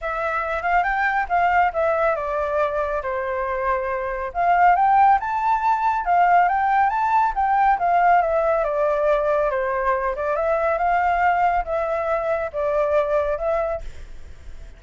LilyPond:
\new Staff \with { instrumentName = "flute" } { \time 4/4 \tempo 4 = 139 e''4. f''8 g''4 f''4 | e''4 d''2 c''4~ | c''2 f''4 g''4 | a''2 f''4 g''4 |
a''4 g''4 f''4 e''4 | d''2 c''4. d''8 | e''4 f''2 e''4~ | e''4 d''2 e''4 | }